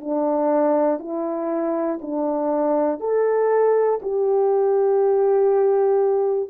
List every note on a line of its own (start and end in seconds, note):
0.00 0.99 D4
0.99 1.99 E4
2.01 3.00 D4
3.00 4.00 A4
4.02 6.50 G4